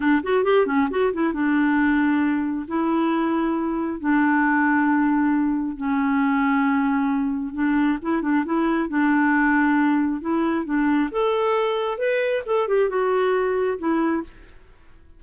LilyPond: \new Staff \with { instrumentName = "clarinet" } { \time 4/4 \tempo 4 = 135 d'8 fis'8 g'8 cis'8 fis'8 e'8 d'4~ | d'2 e'2~ | e'4 d'2.~ | d'4 cis'2.~ |
cis'4 d'4 e'8 d'8 e'4 | d'2. e'4 | d'4 a'2 b'4 | a'8 g'8 fis'2 e'4 | }